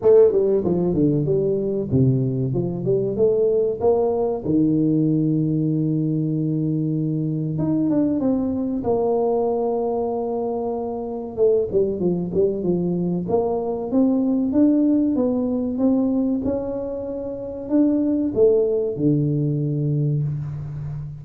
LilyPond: \new Staff \with { instrumentName = "tuba" } { \time 4/4 \tempo 4 = 95 a8 g8 f8 d8 g4 c4 | f8 g8 a4 ais4 dis4~ | dis1 | dis'8 d'8 c'4 ais2~ |
ais2 a8 g8 f8 g8 | f4 ais4 c'4 d'4 | b4 c'4 cis'2 | d'4 a4 d2 | }